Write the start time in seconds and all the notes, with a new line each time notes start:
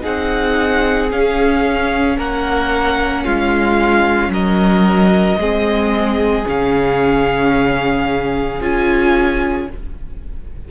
0.00 D#4 G#4 F#5
0.06 C4
1.10 C#4 F5
2.17 A#3 A#4 F#5
3.24 G#3 F4 F5
4.28 F#3 A#4 D#5
5.38 G#3 C4 G#4
6.44 C#3 C#4 F5
8.60 C#4 F4 G#5